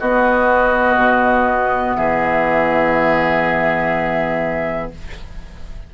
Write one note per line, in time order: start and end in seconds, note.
0.00 0.96 B3
0.00 4.94 B3
0.00 1.97 F#4
0.00 1.95 D#5
0.96 1.95 B2
1.95 4.91 E3
1.95 4.92 G#4
1.95 4.90 E5